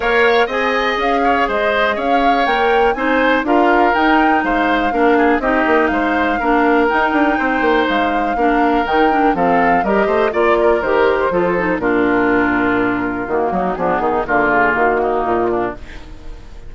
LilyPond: <<
  \new Staff \with { instrumentName = "flute" } { \time 4/4 \tempo 4 = 122 f''4 gis''4 f''4 dis''4 | f''4 g''4 gis''4 f''4 | g''4 f''2 dis''4 | f''2 g''2 |
f''2 g''4 f''4 | dis''4 d''4 c''2 | ais'2. fis'4 | gis'4 ais'8 gis'8 fis'4 f'4 | }
  \new Staff \with { instrumentName = "oboe" } { \time 4/4 cis''4 dis''4. cis''8 c''4 | cis''2 c''4 ais'4~ | ais'4 c''4 ais'8 gis'8 g'4 | c''4 ais'2 c''4~ |
c''4 ais'2 a'4 | ais'8 c''8 d''8 ais'4. a'4 | f'2.~ f'8 dis'8 | d'8 dis'8 f'4. dis'4 d'8 | }
  \new Staff \with { instrumentName = "clarinet" } { \time 4/4 ais'4 gis'2.~ | gis'4 ais'4 dis'4 f'4 | dis'2 d'4 dis'4~ | dis'4 d'4 dis'2~ |
dis'4 d'4 dis'8 d'8 c'4 | g'4 f'4 g'4 f'8 dis'8 | d'2. ais4 | b4 ais2. | }
  \new Staff \with { instrumentName = "bassoon" } { \time 4/4 ais4 c'4 cis'4 gis4 | cis'4 ais4 c'4 d'4 | dis'4 gis4 ais4 c'8 ais8 | gis4 ais4 dis'8 d'8 c'8 ais8 |
gis4 ais4 dis4 f4 | g8 a8 ais4 dis4 f4 | ais,2. dis8 fis8 | f8 dis8 d4 dis4 ais,4 | }
>>